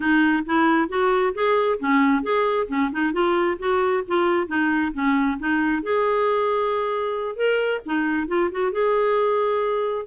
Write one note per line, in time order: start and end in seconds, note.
0.00 0.43 D#4
0.46 0.88 E4
0.88 1.33 F#4
1.34 1.79 G#4
1.79 2.22 C#4
2.22 2.67 G#4
2.68 2.90 C#4
2.92 3.12 D#4
3.12 3.57 F4
3.58 4.03 F#4
4.07 4.47 F4
4.47 4.91 D#4
4.93 5.37 C#4
5.39 5.82 D#4
5.82 7.36 G#4
7.36 7.80 A#4
7.85 8.27 D#4
8.27 8.50 F4
8.51 8.72 F#4
8.72 10.06 G#4